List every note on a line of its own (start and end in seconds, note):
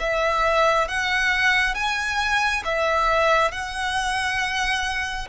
0.00 0.88 E5
0.88 1.75 F#5
1.75 2.63 G#5
2.64 3.51 E5
3.51 5.28 F#5